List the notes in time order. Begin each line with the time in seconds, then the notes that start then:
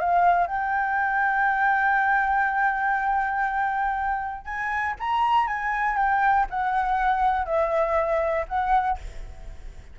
0.00 F5
0.47 G5
4.45 G#5
5.00 A#5
5.47 G#5
5.97 G5
6.50 F#5
7.46 E5
8.48 F#5